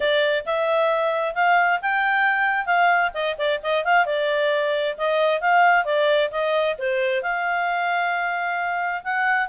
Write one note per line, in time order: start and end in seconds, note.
0.00 0.45 D5
0.45 1.35 E5
1.35 1.80 F5
1.81 2.66 G5
2.66 3.11 F5
3.14 3.36 D#5
3.38 3.60 D5
3.63 3.84 D#5
3.84 4.05 F5
4.05 4.95 D5
4.97 5.40 D#5
5.40 5.85 F5
5.85 6.30 D5
6.30 6.75 D#5
6.78 7.22 C5
7.22 9.02 F5
9.03 9.48 F#5